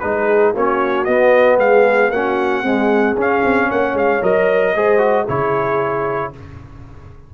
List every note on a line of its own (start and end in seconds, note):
0.00 0.54 G#3
0.00 0.55 D#4
0.00 0.54 G#4
0.00 0.53 B4
0.54 1.07 A#3
0.54 1.07 C#4
0.54 1.58 F#4
0.54 1.05 C#5
1.05 1.58 B3
1.05 2.13 B3
1.05 1.58 D#5
1.58 2.11 G#3
1.58 2.11 G#4
1.58 2.12 F5
2.11 2.63 A#3
2.11 2.64 C#4
2.11 2.63 F#4
2.11 3.17 F#5
2.63 3.17 G#3
2.63 3.16 C4
2.63 3.69 G#4
3.17 3.43 C#4
3.17 4.22 C#4
3.17 3.71 F5
3.45 3.71 C4
3.69 3.94 A#3
3.69 4.75 C#5
3.69 3.97 F#5
3.94 4.20 G#3
3.94 4.24 F5
4.22 4.76 F#3
4.22 4.75 A#4
4.22 5.29 D#5
4.76 5.28 G#3
4.76 4.98 G#4
4.76 5.25 C5
4.98 5.25 F#4
5.25 6.34 C#3
5.25 6.33 E4
5.25 6.30 G#4
5.25 6.34 C#5